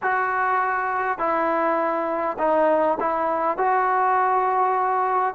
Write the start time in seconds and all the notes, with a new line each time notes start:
0.02 F#4
1.18 E4
2.38 D#4
3.00 E4
3.57 F#4